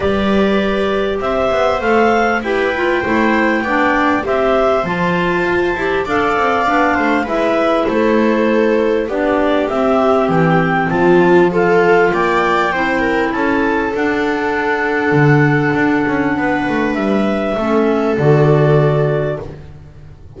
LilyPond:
<<
  \new Staff \with { instrumentName = "clarinet" } { \time 4/4 \tempo 4 = 99 d''2 e''4 f''4 | g''2. e''4 | a''2 f''2 | e''4 c''2 d''4 |
e''4 g''4 a''4 f''4 | g''2 a''4 fis''4~ | fis''1 | e''2 d''2 | }
  \new Staff \with { instrumentName = "viola" } { \time 4/4 b'2 c''2 | b'4 c''4 d''4 c''4~ | c''2 d''4. c''8 | b'4 a'2 g'4~ |
g'2 f'4 a'4 | d''4 c''8 ais'8 a'2~ | a'2. b'4~ | b'4 a'2. | }
  \new Staff \with { instrumentName = "clarinet" } { \time 4/4 g'2. a'4 | g'8 f'8 e'4 d'4 g'4 | f'4. g'8 a'4 d'4 | e'2. d'4 |
c'2. f'4~ | f'4 e'2 d'4~ | d'1~ | d'4 cis'4 fis'2 | }
  \new Staff \with { instrumentName = "double bass" } { \time 4/4 g2 c'8 b8 a4 | e'4 a4 b4 c'4 | f4 f'8 e'8 d'8 c'8 b8 a8 | gis4 a2 b4 |
c'4 e4 f2 | ais4 c'4 cis'4 d'4~ | d'4 d4 d'8 cis'8 b8 a8 | g4 a4 d2 | }
>>